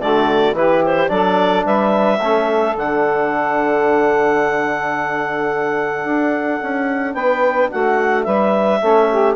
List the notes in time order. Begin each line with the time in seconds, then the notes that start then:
0.00 D3 A3 F#4 D5
0.53 E3 E4 G4 B4
0.85 C5
1.08 F#3 D4 A4 D5
1.65 G3 B4 E5
2.19 A3 C#4 A4
2.76 D3 D4 F#5
6.05 D4
6.62 C#4
7.14 B3 B4 G5
7.70 A3 F#4 F#5
8.24 G3 B4 E5
8.82 A3 C#4 A4
9.10 G4